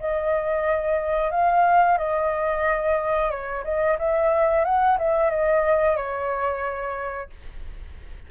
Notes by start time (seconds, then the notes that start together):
0.00 D#5
1.31 F5
1.98 D#5
3.31 C#5
3.64 D#5
3.99 E5
4.65 F#5
4.98 E5
5.31 D#5
5.97 C#5